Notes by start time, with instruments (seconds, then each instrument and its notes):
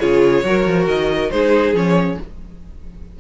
0.00 cello C#3, viola F4, violin G#4 C#5
0.44 cello F#3, viola F#4, violin A#4
0.66 cello F3
0.87 cello D#3, violin D#5
1.31 cello G#3, viola D#4, violin G#4 C5
1.74 cello F3, viola C#4, violin C#5